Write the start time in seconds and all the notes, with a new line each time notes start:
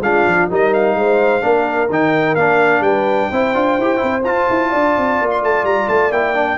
0.00 G#3 D4 F4 F5
0.26 F3
0.50 G3 D#4 A#4 D#5
0.74 F5
0.95 G#3 C5
1.41 A#3 D4 A#4
1.89 D#3 D#4 G5
2.35 A#3 D4 F5
2.80 G3 B4 G5
3.30 C4 E4 C5
3.54 D4 F4
3.78 E4 G4
3.97 C4 E4
4.24 F4 A5
4.50 E4
4.69 D4 D5
4.97 C4
5.21 A#3
5.30 C6
5.42 A3 A5
5.63 G3 A#5
5.88 A3 A5
6.10 A#3 E4 G5
6.34 D4